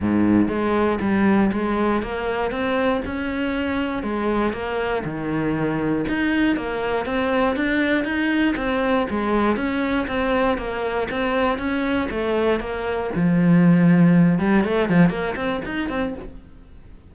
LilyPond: \new Staff \with { instrumentName = "cello" } { \time 4/4 \tempo 4 = 119 gis,4 gis4 g4 gis4 | ais4 c'4 cis'2 | gis4 ais4 dis2 | dis'4 ais4 c'4 d'4 |
dis'4 c'4 gis4 cis'4 | c'4 ais4 c'4 cis'4 | a4 ais4 f2~ | f8 g8 a8 f8 ais8 c'8 dis'8 c'8 | }